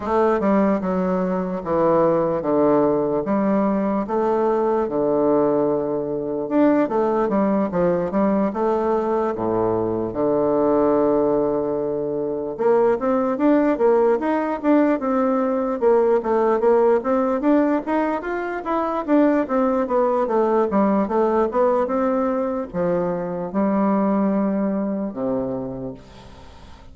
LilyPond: \new Staff \with { instrumentName = "bassoon" } { \time 4/4 \tempo 4 = 74 a8 g8 fis4 e4 d4 | g4 a4 d2 | d'8 a8 g8 f8 g8 a4 a,8~ | a,8 d2. ais8 |
c'8 d'8 ais8 dis'8 d'8 c'4 ais8 | a8 ais8 c'8 d'8 dis'8 f'8 e'8 d'8 | c'8 b8 a8 g8 a8 b8 c'4 | f4 g2 c4 | }